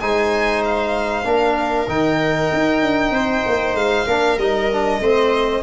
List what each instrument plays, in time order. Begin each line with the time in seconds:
0.00 tuba G#3, trombone D#4, viola C5, violin G#5
0.65 violin F5
1.24 tuba A#3, trombone D4, viola A#4
1.88 tuba D#3, trombone D#4, violin G5
2.53 tuba D#4
2.82 tuba D4
3.11 tuba C4, viola C5
3.47 tuba A#3
3.74 tuba G#3, violin F5
4.07 tuba A#3, trombone D4, viola A#4
4.38 tuba G3, trombone D#4, violin D#5
4.72 trombone D4
5.00 tuba A3, trombone C4, viola C5